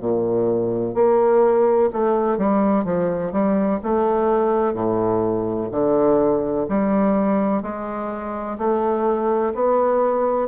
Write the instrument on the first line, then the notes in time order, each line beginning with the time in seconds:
bassoon
0.00 A#2
0.94 A#3
1.93 A3
2.37 G3
2.84 F3
3.32 G3
3.83 A3
4.74 A2
5.71 D3
6.68 G3
7.62 G#3
8.58 A3
9.54 B3